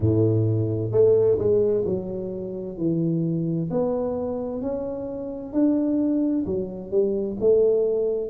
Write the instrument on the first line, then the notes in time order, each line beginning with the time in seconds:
tuba
0.00 A2
0.91 A3
1.38 G#3
1.85 F#3
2.77 E3
3.70 B3
4.61 C#4
5.53 D4
6.46 F#3
6.90 G3
7.39 A3